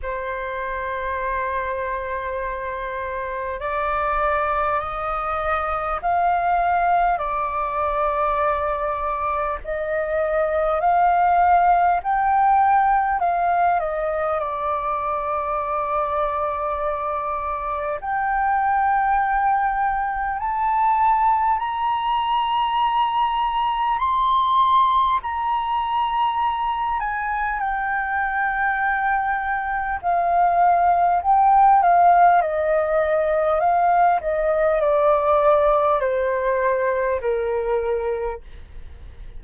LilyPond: \new Staff \with { instrumentName = "flute" } { \time 4/4 \tempo 4 = 50 c''2. d''4 | dis''4 f''4 d''2 | dis''4 f''4 g''4 f''8 dis''8 | d''2. g''4~ |
g''4 a''4 ais''2 | c'''4 ais''4. gis''8 g''4~ | g''4 f''4 g''8 f''8 dis''4 | f''8 dis''8 d''4 c''4 ais'4 | }